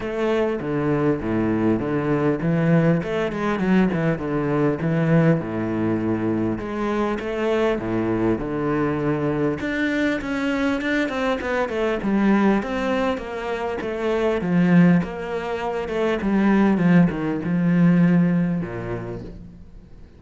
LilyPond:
\new Staff \with { instrumentName = "cello" } { \time 4/4 \tempo 4 = 100 a4 d4 a,4 d4 | e4 a8 gis8 fis8 e8 d4 | e4 a,2 gis4 | a4 a,4 d2 |
d'4 cis'4 d'8 c'8 b8 a8 | g4 c'4 ais4 a4 | f4 ais4. a8 g4 | f8 dis8 f2 ais,4 | }